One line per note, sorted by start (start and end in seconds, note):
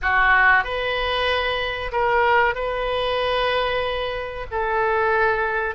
0.02 0.64 F#4
0.64 1.91 B4
1.92 2.54 A#4
2.54 4.46 B4
4.51 5.74 A4